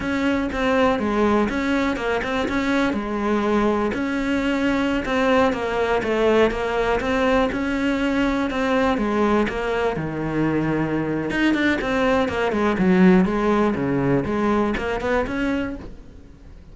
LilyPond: \new Staff \with { instrumentName = "cello" } { \time 4/4 \tempo 4 = 122 cis'4 c'4 gis4 cis'4 | ais8 c'8 cis'4 gis2 | cis'2~ cis'16 c'4 ais8.~ | ais16 a4 ais4 c'4 cis'8.~ |
cis'4~ cis'16 c'4 gis4 ais8.~ | ais16 dis2~ dis8. dis'8 d'8 | c'4 ais8 gis8 fis4 gis4 | cis4 gis4 ais8 b8 cis'4 | }